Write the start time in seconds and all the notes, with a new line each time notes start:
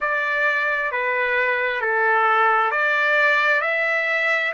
0.00 D5
0.91 B4
1.81 A4
2.71 D5
3.61 E5